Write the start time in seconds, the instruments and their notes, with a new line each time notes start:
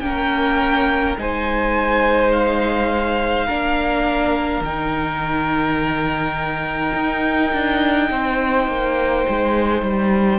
0.00 cello A#3, viola C#4, violin A#4 G5
1.16 cello G#3, viola D#4, violin C5 G#5
2.32 violin F5
3.46 cello A#3, viola D4, violin A#4
4.61 cello D#3, viola D#4, violin G5
6.94 cello D#4
7.52 cello D4
8.10 cello C4, violin C5
8.67 cello A#3
9.29 cello G#3
9.82 cello G3